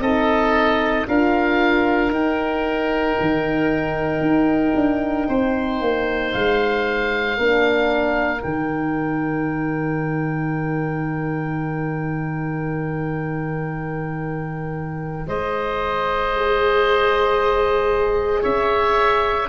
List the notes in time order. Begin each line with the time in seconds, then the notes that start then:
0.00 C4 D#4 A4 D#5
1.08 D4 F4 A#4 F5
2.10 D#4 G5
3.21 D#3
4.21 D#4
4.75 D4
5.28 C4 C5
5.82 A#3
6.32 G#3 F5
7.37 A#3 D4 A#4
8.41 D#3 D#4 G5
15.27 G#3 C5 D#5
16.37 G#4
18.42 C#4 C#5 E5